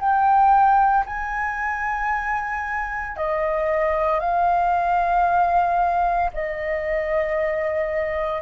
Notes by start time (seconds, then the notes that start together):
0.00 G5
1.06 G#5
3.17 D#5
4.20 F5
6.33 D#5